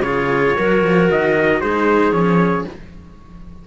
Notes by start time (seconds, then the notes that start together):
0.00 C#3 F4 G#4 C#5
0.56 F#3 F#4 A#4
0.82 F3
1.11 D#3 D#5
1.61 G#3 D#4 G#4 C5
2.11 F3 C#4 C#5